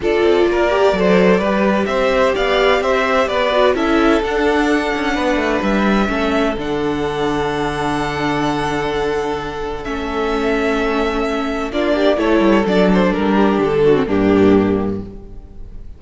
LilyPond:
<<
  \new Staff \with { instrumentName = "violin" } { \time 4/4 \tempo 4 = 128 d''1 | e''4 f''4 e''4 d''4 | e''4 fis''2. | e''2 fis''2~ |
fis''1~ | fis''4 e''2.~ | e''4 d''4 cis''4 d''8 c''8 | ais'4 a'4 g'2 | }
  \new Staff \with { instrumentName = "violin" } { \time 4/4 a'4 ais'4 c''4 b'4 | c''4 d''4 c''4 b'4 | a'2. b'4~ | b'4 a'2.~ |
a'1~ | a'1~ | a'4 f'8 g'8 a'2~ | a'8 g'4 fis'8 d'2 | }
  \new Staff \with { instrumentName = "viola" } { \time 4/4 f'4. g'8 a'4 g'4~ | g'2.~ g'8 fis'8 | e'4 d'2.~ | d'4 cis'4 d'2~ |
d'1~ | d'4 cis'2.~ | cis'4 d'4 e'4 d'4~ | d'4.~ d'16 c'16 ais2 | }
  \new Staff \with { instrumentName = "cello" } { \time 4/4 d'8 c'8 ais4 fis4 g4 | c'4 b4 c'4 b4 | cis'4 d'4. cis'8 b8 a8 | g4 a4 d2~ |
d1~ | d4 a2.~ | a4 ais4 a8 g8 fis4 | g4 d4 g,2 | }
>>